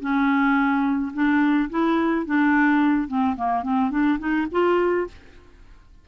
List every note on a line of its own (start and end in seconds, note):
0.00 1.12 C#4
1.13 1.69 D4
1.69 2.26 E4
2.26 3.08 D4
3.08 3.36 C4
3.36 3.63 A#3
3.63 3.91 C4
3.91 4.19 D4
4.19 4.47 D#4
4.51 5.07 F4